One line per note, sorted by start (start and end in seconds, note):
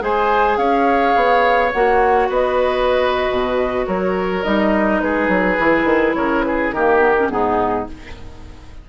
0.00 0.58 G#3
0.00 1.71 G#4
0.00 0.58 C5
0.00 0.57 G#5
0.57 1.15 C#4
0.57 2.29 C#5
0.57 1.72 F5
1.16 1.73 B3
1.72 2.29 A#3
1.72 4.44 F#4
1.72 2.30 F#5
2.29 3.29 B3
2.29 3.86 B4
2.29 3.87 D#5
3.31 3.88 B2
3.87 4.45 F#3
3.87 5.01 A#4
3.87 4.44 C#5
4.44 5.02 G3
4.44 5.58 D#4
4.44 5.00 D#5
5.00 5.29 G#3
5.00 6.17 G#4
5.00 6.14 B4
5.29 5.57 F#3
5.60 5.85 E3
5.60 6.74 E4
5.85 6.13 D#3
6.14 6.72 C#3
6.14 6.46 A#4
6.14 6.43 C#5
6.43 6.75 G#4
6.43 6.71 B4
6.72 7.30 D#3
6.72 6.99 A#3
6.72 7.32 G4
6.72 7.29 A#4
6.99 7.13 B3
7.19 7.30 C#4
7.30 7.89 G#2
7.30 7.87 B3
7.30 7.89 D#4
7.30 7.87 G#4